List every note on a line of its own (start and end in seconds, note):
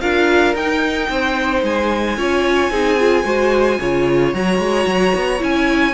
0.00 0.54 D4
0.00 0.55 F4
0.00 1.09 A#4
0.00 0.54 F5
0.54 1.08 D#4
0.54 2.17 D#4
0.54 1.64 G5
1.08 1.62 C4
1.08 2.17 C5
1.63 2.17 G#3
1.63 4.34 G#5
2.17 2.70 C#4
2.17 2.70 F4
2.17 2.71 C#5
2.70 3.24 C4
2.70 2.97 D#4
2.70 3.25 G#4
2.99 3.24 F4
3.24 3.78 G#3
3.24 3.78 F#4
3.24 3.79 C5
3.79 4.33 C#3
3.79 4.34 F4
3.79 5.94 C#5
4.33 4.58 F#3
4.33 5.39 F#4
4.33 5.42 A#5
4.58 4.85 G#3
4.86 5.13 F#3
5.14 5.41 B3
5.39 5.94 C#4
5.39 5.93 E4
5.39 5.94 G#5